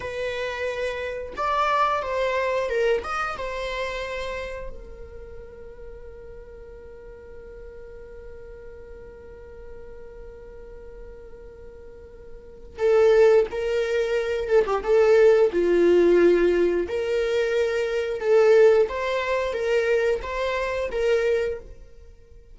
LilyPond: \new Staff \with { instrumentName = "viola" } { \time 4/4 \tempo 4 = 89 b'2 d''4 c''4 | ais'8 dis''8 c''2 ais'4~ | ais'1~ | ais'1~ |
ais'2. a'4 | ais'4. a'16 g'16 a'4 f'4~ | f'4 ais'2 a'4 | c''4 ais'4 c''4 ais'4 | }